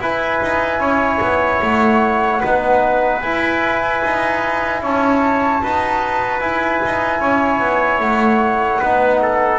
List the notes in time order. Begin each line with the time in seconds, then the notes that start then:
0.00 E4 B4 G#5
0.43 D#4
0.79 C#4 C#5
1.21 B3
1.62 A3 F#5
2.41 B3 D#4 B4
3.21 E4 G#5
4.04 D#4
4.82 C#4 C#5 A5
5.62 D#4 F#4 B4
6.40 E4 G#5
6.85 D#4
7.20 C#4 C#5
7.60 B3
8.00 A3 F#5
8.80 B3 D#4 B4
9.22 A4